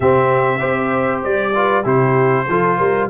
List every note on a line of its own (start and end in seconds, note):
0.00 0.62 C3
0.00 0.59 C4
0.00 0.59 G4
0.00 1.21 E5
0.59 1.24 C4
0.59 1.52 G4
0.59 1.52 C5
1.23 1.85 G3
1.23 1.85 D5
1.55 1.84 F4
1.55 1.83 B4
1.83 2.47 C3
1.83 2.45 E4
1.83 2.45 G4
1.83 3.09 C5
2.48 2.79 F3
2.48 3.09 F4
2.48 2.77 A4
2.77 3.09 G3
2.77 3.08 A#4